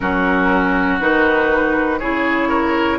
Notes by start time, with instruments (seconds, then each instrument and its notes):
0.00 bassoon F#3, clarinet C#4, oboe F#4, flute A#4
0.99 bassoon D#3, clarinet D#4, flute B4
1.99 bassoon C#3, clarinet E4, oboe G#4, flute C#5
2.48 oboe A#4